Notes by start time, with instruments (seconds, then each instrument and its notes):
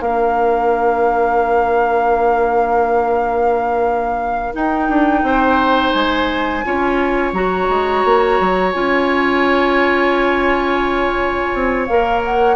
0.00 bassoon A#3, clarinet D4, oboe A#4, flute F5
4.53 clarinet D#4, bassoon D#4, flute G5
4.89 bassoon D4
5.22 bassoon C4, oboe C5
5.92 bassoon G#3, flute G#5
6.65 bassoon C#4, clarinet F4, oboe C#5
7.33 bassoon F#3, clarinet F#4, flute A#5
7.69 bassoon G#3
8.05 bassoon A#3
8.40 bassoon F#3
8.72 bassoon C#4, clarinet F4, flute G#5
11.54 bassoon C4
11.86 bassoon A#3, clarinet A#4, flute F5
12.24 flute F#5